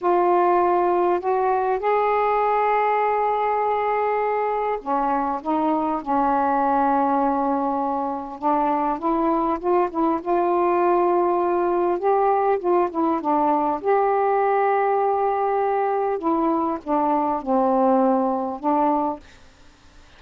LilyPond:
\new Staff \with { instrumentName = "saxophone" } { \time 4/4 \tempo 4 = 100 f'2 fis'4 gis'4~ | gis'1 | cis'4 dis'4 cis'2~ | cis'2 d'4 e'4 |
f'8 e'8 f'2. | g'4 f'8 e'8 d'4 g'4~ | g'2. e'4 | d'4 c'2 d'4 | }